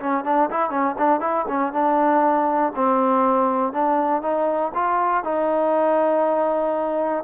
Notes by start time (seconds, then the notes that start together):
0.00 C#4
0.25 D4
0.51 E4
0.71 C#4
0.98 D4
1.21 E4
1.49 C#4
1.73 D4
2.76 C4
3.73 D4
4.22 D#4
4.75 F4
5.24 D#4